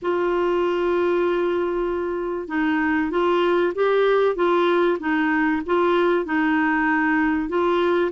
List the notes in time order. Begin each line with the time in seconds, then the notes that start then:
0.02 F4
2.48 D#4
3.10 F4
3.74 G4
4.35 F4
4.99 D#4
5.66 F4
6.25 D#4
7.48 F4